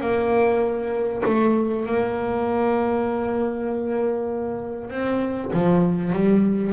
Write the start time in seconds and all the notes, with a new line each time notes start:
0.00 A#3
1.25 A3
1.86 A#3
4.90 C4
5.53 F3
6.13 G3